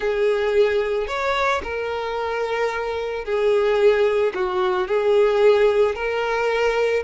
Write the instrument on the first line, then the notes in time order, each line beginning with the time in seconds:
violin
0.00 G#4
1.07 C#5
1.63 A#4
3.24 G#4
4.34 F#4
4.87 G#4
5.95 A#4